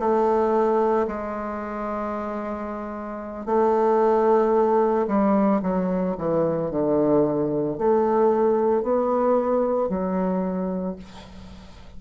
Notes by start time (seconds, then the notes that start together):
0.00 A3
1.08 G#3
3.46 A3
5.07 G3
5.62 F#3
6.18 E3
6.71 D3
7.78 A3
8.83 B3
9.89 F#3